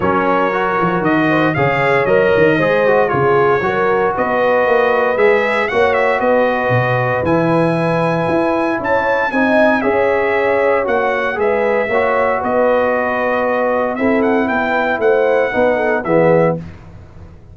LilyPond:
<<
  \new Staff \with { instrumentName = "trumpet" } { \time 4/4 \tempo 4 = 116 cis''2 dis''4 f''4 | dis''2 cis''2 | dis''2 e''4 fis''8 e''8 | dis''2 gis''2~ |
gis''4 a''4 gis''4 e''4~ | e''4 fis''4 e''2 | dis''2. e''8 fis''8 | g''4 fis''2 e''4 | }
  \new Staff \with { instrumentName = "horn" } { \time 4/4 ais'2~ ais'8 c''8 cis''4~ | cis''4 c''4 gis'4 ais'4 | b'2. cis''4 | b'1~ |
b'4 cis''4 dis''4 cis''4~ | cis''2 b'4 cis''4 | b'2. a'4 | b'4 c''4 b'8 a'8 gis'4 | }
  \new Staff \with { instrumentName = "trombone" } { \time 4/4 cis'4 fis'2 gis'4 | ais'4 gis'8 fis'8 f'4 fis'4~ | fis'2 gis'4 fis'4~ | fis'2 e'2~ |
e'2 dis'4 gis'4~ | gis'4 fis'4 gis'4 fis'4~ | fis'2. e'4~ | e'2 dis'4 b4 | }
  \new Staff \with { instrumentName = "tuba" } { \time 4/4 fis4. f8 dis4 cis4 | fis8 dis8 gis4 cis4 fis4 | b4 ais4 gis4 ais4 | b4 b,4 e2 |
e'4 cis'4 c'4 cis'4~ | cis'4 ais4 gis4 ais4 | b2. c'4 | b4 a4 b4 e4 | }
>>